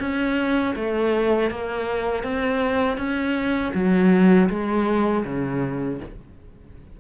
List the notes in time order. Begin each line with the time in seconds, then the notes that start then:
0.00 C#4
0.76 A3
1.51 A#3
2.24 C4
2.98 C#4
3.74 F#3
4.50 G#3
5.25 C#3